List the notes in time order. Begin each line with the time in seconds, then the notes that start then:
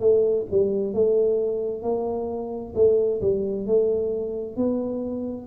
0.00 A3
0.51 G3
0.93 A3
1.82 A#3
2.75 A3
3.21 G3
3.66 A3
4.56 B3